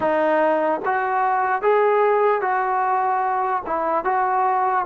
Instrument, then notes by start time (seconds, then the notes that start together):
trombone
0.00 D#4
0.85 F#4
1.61 G#4
2.41 F#4
3.66 E4
4.04 F#4